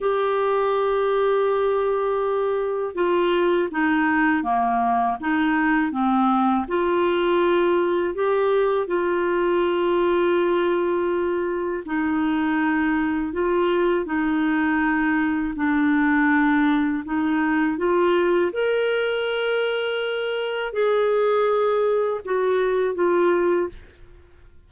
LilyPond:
\new Staff \with { instrumentName = "clarinet" } { \time 4/4 \tempo 4 = 81 g'1 | f'4 dis'4 ais4 dis'4 | c'4 f'2 g'4 | f'1 |
dis'2 f'4 dis'4~ | dis'4 d'2 dis'4 | f'4 ais'2. | gis'2 fis'4 f'4 | }